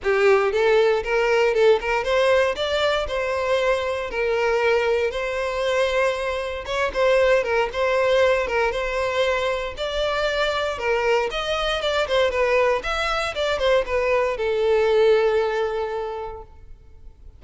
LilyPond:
\new Staff \with { instrumentName = "violin" } { \time 4/4 \tempo 4 = 117 g'4 a'4 ais'4 a'8 ais'8 | c''4 d''4 c''2 | ais'2 c''2~ | c''4 cis''8 c''4 ais'8 c''4~ |
c''8 ais'8 c''2 d''4~ | d''4 ais'4 dis''4 d''8 c''8 | b'4 e''4 d''8 c''8 b'4 | a'1 | }